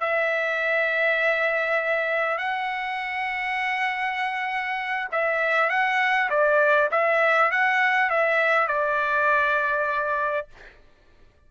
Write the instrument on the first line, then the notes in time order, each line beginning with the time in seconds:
trumpet
0.00 E5
2.38 F#5
5.11 E5
5.69 F#5
6.30 D5
6.91 E5
7.51 F#5
8.10 E5
8.68 D5